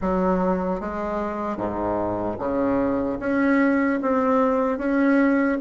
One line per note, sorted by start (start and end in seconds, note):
0.01 0.80 F#3
0.80 1.57 G#3
1.57 2.37 G#2
2.38 3.18 C#3
3.19 3.99 C#4
4.01 4.78 C4
4.78 5.58 C#4